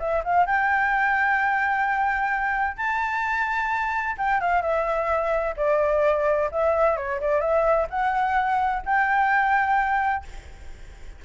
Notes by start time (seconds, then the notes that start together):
0.00 E5
0.25 F5
0.47 G5
2.77 A5
4.18 G5
4.41 F5
4.62 E5
5.57 D5
6.52 E5
6.97 C#5
7.21 D5
7.41 E5
7.90 F#5
8.86 G5